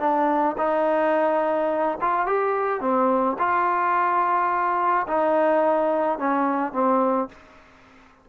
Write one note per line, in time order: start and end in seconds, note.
0.00 0.56 D4
0.58 1.99 D#4
2.02 2.27 F4
2.27 2.81 G4
2.81 3.37 C4
3.39 5.07 F4
5.08 6.19 D#4
6.19 6.73 C#4
6.73 7.29 C4